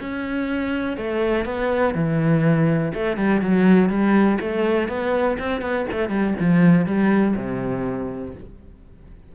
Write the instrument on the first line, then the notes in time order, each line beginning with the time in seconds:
cello
0.00 C#4
0.97 A3
1.45 B3
1.94 E3
2.94 A3
3.17 G3
3.41 F#3
3.89 G3
4.40 A3
4.88 B3
5.39 C4
5.61 B3
5.91 A3
6.09 G3
6.40 F3
6.86 G3
7.36 C3